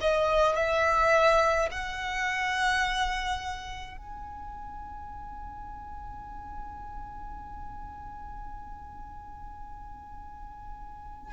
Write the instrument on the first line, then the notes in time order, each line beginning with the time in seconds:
violin
0.00 D#5
0.55 E5
1.71 F#5
3.97 G#5